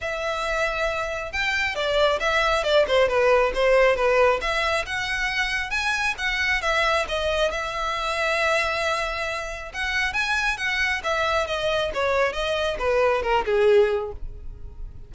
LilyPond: \new Staff \with { instrumentName = "violin" } { \time 4/4 \tempo 4 = 136 e''2. g''4 | d''4 e''4 d''8 c''8 b'4 | c''4 b'4 e''4 fis''4~ | fis''4 gis''4 fis''4 e''4 |
dis''4 e''2.~ | e''2 fis''4 gis''4 | fis''4 e''4 dis''4 cis''4 | dis''4 b'4 ais'8 gis'4. | }